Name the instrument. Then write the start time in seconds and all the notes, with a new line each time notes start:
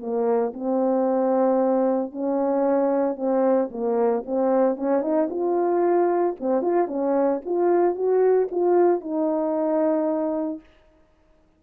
horn
0.00 A#3
0.54 C4
2.12 C#4
3.16 C4
3.71 A#3
4.26 C4
4.76 C#4
5.02 D#4
5.30 F4
6.40 C4
6.62 F4
6.88 C#4
7.46 F4
7.95 F#4
8.52 F4
9.01 D#4